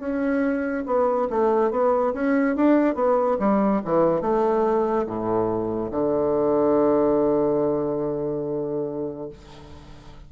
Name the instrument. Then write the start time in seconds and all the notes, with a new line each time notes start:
bassoon
0.00 C#4
0.86 B3
1.31 A3
1.71 B3
2.14 C#4
2.57 D4
2.95 B3
3.40 G3
3.85 E3
4.22 A3
5.07 A2
5.92 D3